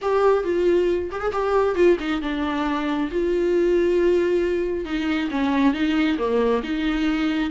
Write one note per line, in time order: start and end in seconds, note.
0.01 0.44 G4
0.44 1.10 F4
1.11 1.20 G4
1.20 1.31 G#4
1.32 1.75 G4
1.75 1.97 F4
1.99 2.21 D#4
2.21 3.09 D4
3.11 4.85 F4
4.85 5.29 D#4
5.31 5.73 C#4
5.73 6.17 D#4
6.18 6.62 A#3
6.63 7.50 D#4